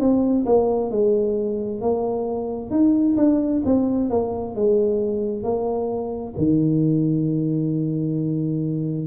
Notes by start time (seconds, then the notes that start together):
0.00 C4
0.45 A#3
0.91 G#3
1.81 A#3
2.71 D#4
3.17 D4
3.65 C4
4.10 A#3
4.55 G#3
5.43 A#3
6.38 D#3